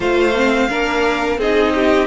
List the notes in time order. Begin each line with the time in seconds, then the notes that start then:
0.00 A3 F4 C5 F5
0.35 C4
0.69 A#3 D4 A#4
1.38 C4 D#4 G#4 D#5
1.74 G4